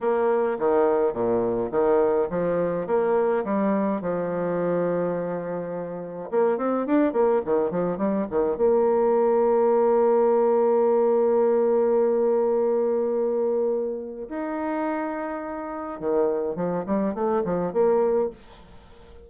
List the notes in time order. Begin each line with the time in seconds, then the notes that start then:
0.01 A#3
0.58 D#3
1.13 A#2
1.71 D#3
2.29 F3
2.86 A#3
3.44 G3
4.01 F3
6.30 A#3
6.57 C4
6.86 D4
7.12 A#3
7.45 D#3
7.71 F3
7.97 G3
8.30 D#3
8.56 A#3
14.29 D#4
15.99 D#3
16.55 F3
16.86 G3
17.14 A3
17.44 F3
17.72 A#3